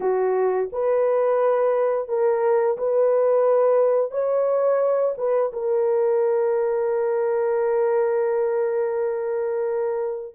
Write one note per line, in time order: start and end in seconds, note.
0.00 0.69 F#4
0.72 2.08 B4
2.08 2.77 A#4
2.77 4.11 B4
4.11 5.14 C#5
5.17 5.52 B4
5.53 10.35 A#4